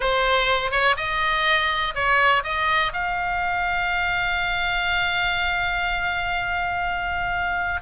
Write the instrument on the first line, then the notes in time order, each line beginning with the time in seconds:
oboe
0.00 C5
0.71 C#5
0.96 D#5
1.94 C#5
2.43 D#5
2.93 F5